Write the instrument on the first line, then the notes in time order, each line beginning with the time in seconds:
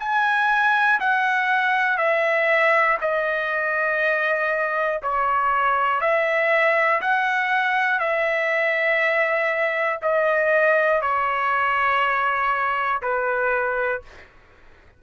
trumpet
0.00 G#5
1.00 F#5
1.98 E5
3.01 D#5
5.03 C#5
6.00 E5
7.01 F#5
8.00 E5
10.02 D#5
11.02 C#5
13.02 B4